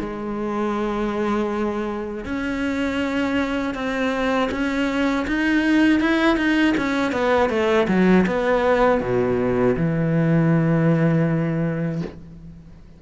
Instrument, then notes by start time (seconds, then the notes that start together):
cello
0.00 G#3
2.25 C#4
3.75 C4
4.51 C#4
5.28 D#4
6.00 E4
6.37 D#4
6.77 C#4
7.12 B3
7.50 A3
7.88 F#3
8.27 B3
9.01 B2
9.77 E3